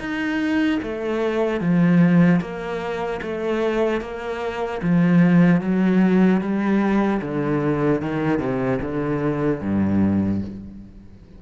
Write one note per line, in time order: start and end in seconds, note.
0.00 0.80 D#4
0.83 1.61 A3
1.61 2.41 F3
2.41 3.21 A#3
3.22 4.01 A3
4.01 4.81 A#3
4.83 5.61 F3
5.61 6.41 F#3
6.41 7.21 G3
7.22 8.02 D3
8.02 8.39 D#3
8.39 8.79 C3
8.82 9.61 D3
9.61 10.41 G2